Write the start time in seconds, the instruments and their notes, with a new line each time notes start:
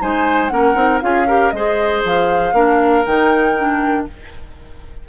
0.00 bassoon G#3, clarinet D#4, oboe C5, flute G#5
0.49 bassoon A#3, clarinet C#4, oboe A#4, flute F#5
0.75 bassoon C4, clarinet D#4
1.01 bassoon C#4, clarinet F4, oboe G#4, flute F5
1.27 clarinet G4, oboe A#4
1.51 bassoon G#3, clarinet G#4, oboe C5, flute D#5
2.05 bassoon F3, flute F5
2.53 bassoon A#3, clarinet D4, oboe A#4
3.05 bassoon D#3, clarinet D#4, flute G5
3.57 clarinet D4